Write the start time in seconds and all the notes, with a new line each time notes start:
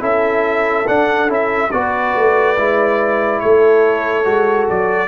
0.00 C#4 E4 A4 E5
0.87 D4 F#5
1.28 C#4 E4 E5
1.71 B3 F#4 B4 D5
2.15 A3
2.57 G#3 E4
3.40 A3 A4 C#5
4.24 G#3 F#4
4.70 F#3 D5